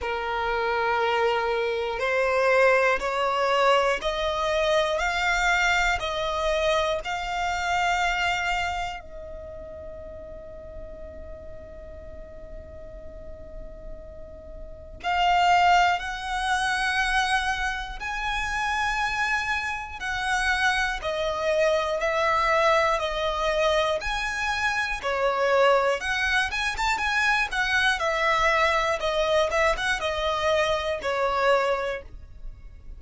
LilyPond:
\new Staff \with { instrumentName = "violin" } { \time 4/4 \tempo 4 = 60 ais'2 c''4 cis''4 | dis''4 f''4 dis''4 f''4~ | f''4 dis''2.~ | dis''2. f''4 |
fis''2 gis''2 | fis''4 dis''4 e''4 dis''4 | gis''4 cis''4 fis''8 gis''16 a''16 gis''8 fis''8 | e''4 dis''8 e''16 fis''16 dis''4 cis''4 | }